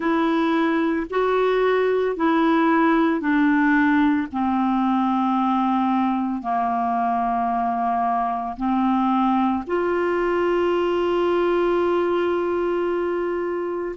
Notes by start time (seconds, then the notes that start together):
0.00 E4
1.10 F#4
2.16 E4
3.20 D4
4.31 C4
6.41 A#3
8.56 C4
9.67 F4